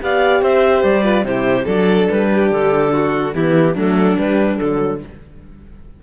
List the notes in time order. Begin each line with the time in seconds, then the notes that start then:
0.00 B3 G4 D5 F5
0.42 C4 C5 E5
0.83 G3 D5
1.03 F4 B4
1.24 C3 E4 G4 C5
1.65 F#3 D4 A4 D5
2.10 G3 B4
2.33 G4
2.51 D3 A4
2.93 F#4
3.34 E3 B3 E4 G4
3.74 F#3 A3 D4 A4
4.15 G3 B4
4.57 D3 F#3 A4